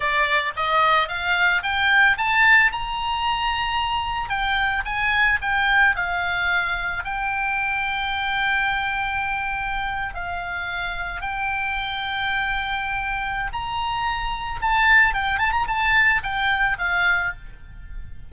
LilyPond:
\new Staff \with { instrumentName = "oboe" } { \time 4/4 \tempo 4 = 111 d''4 dis''4 f''4 g''4 | a''4 ais''2. | g''4 gis''4 g''4 f''4~ | f''4 g''2.~ |
g''2~ g''8. f''4~ f''16~ | f''8. g''2.~ g''16~ | g''4 ais''2 a''4 | g''8 a''16 ais''16 a''4 g''4 f''4 | }